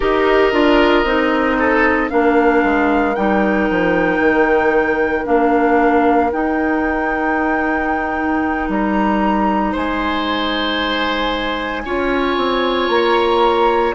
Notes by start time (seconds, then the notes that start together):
0.00 D#4 G4 A#4 D#5
0.52 D4 F4
1.04 C4 D#4
1.58 A4
2.09 A#3 D4 A#4 F5
2.63 G#3
3.14 G3 D#4 G5
3.70 F3
4.18 D#3
5.25 A#3 D4 F5
6.31 D#4 G5
8.68 G3 A#5
9.71 G#3 C5 G#5
11.85 C#4 F4 C#5
12.36 C4
12.88 A#3 A#5